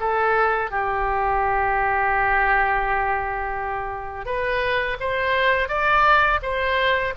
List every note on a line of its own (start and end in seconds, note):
0.00 0.71 A4
0.71 4.26 G4
4.26 4.97 B4
5.00 5.68 C5
5.68 6.40 D5
6.42 7.14 C5